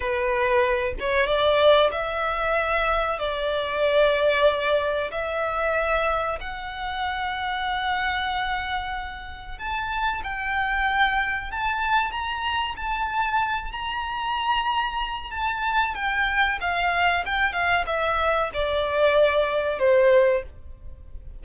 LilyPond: \new Staff \with { instrumentName = "violin" } { \time 4/4 \tempo 4 = 94 b'4. cis''8 d''4 e''4~ | e''4 d''2. | e''2 fis''2~ | fis''2. a''4 |
g''2 a''4 ais''4 | a''4. ais''2~ ais''8 | a''4 g''4 f''4 g''8 f''8 | e''4 d''2 c''4 | }